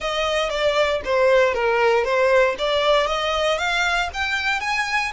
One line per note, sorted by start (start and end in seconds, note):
0.00 0.49 D#5
0.49 1.01 D5
1.04 1.54 C5
1.54 2.04 A#4
2.04 2.55 C5
2.58 3.06 D5
3.06 3.58 D#5
3.58 4.09 F5
4.13 4.60 G5
4.60 5.11 G#5